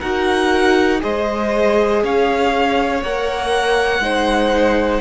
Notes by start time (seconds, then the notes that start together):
0.00 D#4 F#4 A#4 F#5
1.00 G#3 G#4 C5 D#5
2.04 C#4 C#5 F5
3.03 A#3 A#4 F#5
4.00 G#3 D#4 C5